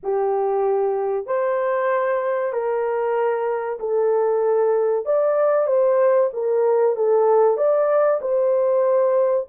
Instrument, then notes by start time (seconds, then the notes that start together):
horn
0.03 G4
1.26 C5
2.52 A#4
3.79 A4
5.05 D5
5.67 C5
6.33 A#4
6.96 A4
7.57 D5
8.21 C5